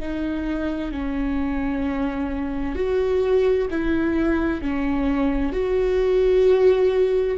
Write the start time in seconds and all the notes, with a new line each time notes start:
0.00 D#4
0.92 C#4
2.76 F#4
3.70 E4
4.62 C#4
5.53 F#4